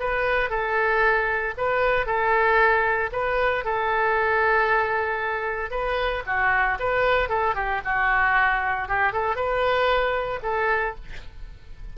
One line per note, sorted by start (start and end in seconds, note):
0.00 0.50 B4
0.50 1.54 A4
1.58 2.06 B4
2.06 3.11 A4
3.13 3.65 B4
3.65 5.71 A4
5.71 6.23 B4
6.26 6.78 F#4
6.80 7.29 B4
7.29 7.55 A4
7.55 7.81 G4
7.85 8.89 F#4
8.89 9.13 G4
9.13 9.36 A4
9.36 10.40 B4
10.43 10.95 A4